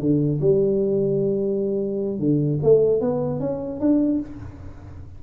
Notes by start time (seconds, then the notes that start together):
0.00 D3
0.41 G3
2.19 D3
2.63 A3
3.01 B3
3.40 C#4
3.80 D4